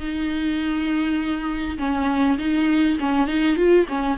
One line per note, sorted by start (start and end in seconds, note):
0.00 1.78 D#4
1.78 2.38 C#4
2.38 2.98 D#4
3.00 3.27 C#4
3.27 3.57 D#4
3.57 3.86 F4
3.89 4.18 C#4